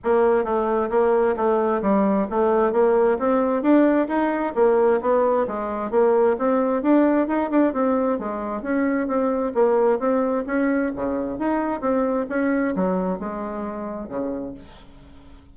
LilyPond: \new Staff \with { instrumentName = "bassoon" } { \time 4/4 \tempo 4 = 132 ais4 a4 ais4 a4 | g4 a4 ais4 c'4 | d'4 dis'4 ais4 b4 | gis4 ais4 c'4 d'4 |
dis'8 d'8 c'4 gis4 cis'4 | c'4 ais4 c'4 cis'4 | cis4 dis'4 c'4 cis'4 | fis4 gis2 cis4 | }